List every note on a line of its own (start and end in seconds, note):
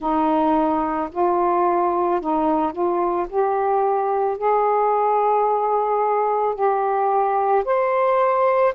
0.00 1.09 D#4
1.11 2.20 F4
2.20 2.72 D#4
2.72 3.26 F4
3.29 4.37 G4
4.37 6.55 G#4
6.55 7.64 G4
7.65 8.74 C5